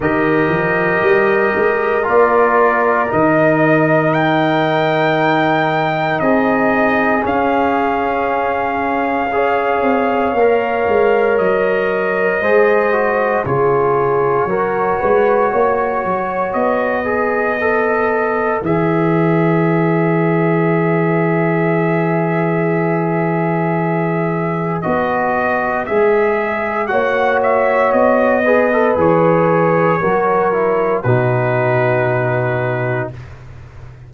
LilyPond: <<
  \new Staff \with { instrumentName = "trumpet" } { \time 4/4 \tempo 4 = 58 dis''2 d''4 dis''4 | g''2 dis''4 f''4~ | f''2. dis''4~ | dis''4 cis''2. |
dis''2 e''2~ | e''1 | dis''4 e''4 fis''8 e''8 dis''4 | cis''2 b'2 | }
  \new Staff \with { instrumentName = "horn" } { \time 4/4 ais'1~ | ais'2 gis'2~ | gis'4 cis''2. | c''4 gis'4 ais'8 b'8 cis''4~ |
cis''8 b'2.~ b'8~ | b'1~ | b'2 cis''4. b'8~ | b'4 ais'4 fis'2 | }
  \new Staff \with { instrumentName = "trombone" } { \time 4/4 g'2 f'4 dis'4~ | dis'2. cis'4~ | cis'4 gis'4 ais'2 | gis'8 fis'8 f'4 fis'2~ |
fis'8 gis'8 a'4 gis'2~ | gis'1 | fis'4 gis'4 fis'4. gis'16 a'16 | gis'4 fis'8 e'8 dis'2 | }
  \new Staff \with { instrumentName = "tuba" } { \time 4/4 dis8 f8 g8 gis8 ais4 dis4~ | dis2 c'4 cis'4~ | cis'4. c'8 ais8 gis8 fis4 | gis4 cis4 fis8 gis8 ais8 fis8 |
b2 e2~ | e1 | b4 gis4 ais4 b4 | e4 fis4 b,2 | }
>>